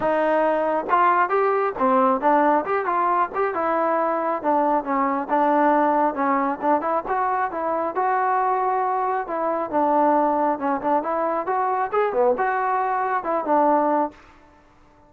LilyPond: \new Staff \with { instrumentName = "trombone" } { \time 4/4 \tempo 4 = 136 dis'2 f'4 g'4 | c'4 d'4 g'8 f'4 g'8 | e'2 d'4 cis'4 | d'2 cis'4 d'8 e'8 |
fis'4 e'4 fis'2~ | fis'4 e'4 d'2 | cis'8 d'8 e'4 fis'4 gis'8 b8 | fis'2 e'8 d'4. | }